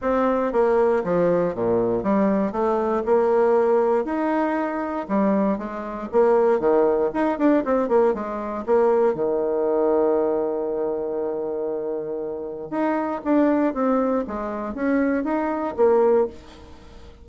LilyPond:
\new Staff \with { instrumentName = "bassoon" } { \time 4/4 \tempo 4 = 118 c'4 ais4 f4 ais,4 | g4 a4 ais2 | dis'2 g4 gis4 | ais4 dis4 dis'8 d'8 c'8 ais8 |
gis4 ais4 dis2~ | dis1~ | dis4 dis'4 d'4 c'4 | gis4 cis'4 dis'4 ais4 | }